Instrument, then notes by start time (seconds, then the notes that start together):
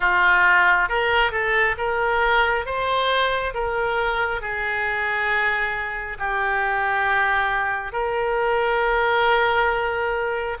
oboe
0.00 F4
0.88 A#4
1.31 A4
1.77 A#4
2.65 C5
3.54 A#4
4.41 G#4
6.18 G4
7.92 A#4